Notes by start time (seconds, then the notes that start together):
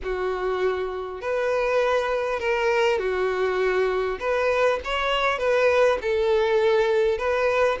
0.03 F#4
1.21 B4
2.39 A#4
2.98 F#4
4.19 B4
4.84 C#5
5.38 B4
6.01 A4
7.18 B4